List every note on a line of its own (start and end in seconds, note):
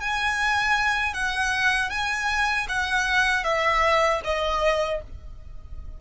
0.00 1.14 G#5
1.14 1.90 F#5
1.90 2.66 G#5
2.68 3.44 F#5
3.44 4.21 E5
4.24 5.01 D#5